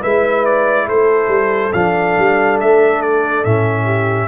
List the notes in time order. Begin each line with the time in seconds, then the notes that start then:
0.00 G#3 E4 B4 E5
0.45 D5
0.86 A3 A4 C5
1.29 G3
1.73 F3 D4 F5
2.19 G3
2.61 A3 E5
3.02 D5
3.44 A2 C#4 E5
3.85 G4